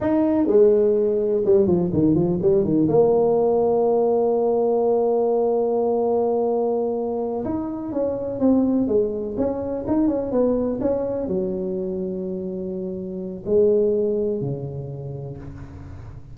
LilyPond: \new Staff \with { instrumentName = "tuba" } { \time 4/4 \tempo 4 = 125 dis'4 gis2 g8 f8 | dis8 f8 g8 dis8 ais2~ | ais1~ | ais2.~ ais8 dis'8~ |
dis'8 cis'4 c'4 gis4 cis'8~ | cis'8 dis'8 cis'8 b4 cis'4 fis8~ | fis1 | gis2 cis2 | }